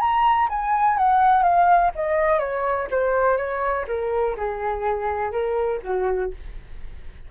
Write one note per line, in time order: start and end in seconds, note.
0.00 0.48 A#5
0.49 0.97 G#5
0.97 1.43 F#5
1.43 1.91 F5
1.95 2.39 D#5
2.39 2.87 C#5
2.91 3.37 C5
3.37 3.85 C#5
3.88 4.36 A#4
4.36 5.31 G#4
5.31 5.80 A#4
5.82 6.31 F#4